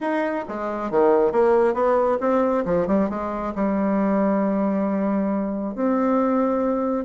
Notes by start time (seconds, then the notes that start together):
0.00 D#4
0.48 G#3
0.90 D#3
1.32 A#3
1.73 B3
2.20 C4
2.65 F3
2.87 G3
3.09 G#3
3.55 G3
5.75 C4